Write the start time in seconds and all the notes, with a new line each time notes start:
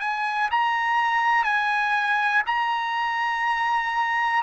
0.00 G#5
0.51 A#5
1.44 G#5
2.46 A#5